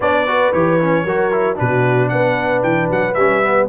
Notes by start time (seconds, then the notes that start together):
0.00 B3 D4 C#5 D5
0.27 F#4 B4
0.52 E3 G4 C#5
0.80 C#4
1.04 F#3 F#4 A#4
1.31 E4
1.55 B2 D4 F#4 B4
2.08 B3 B4 F#5
2.62 E3 G5
2.90 F#3 F#5
3.13 G3 C#4 E5
3.42 B3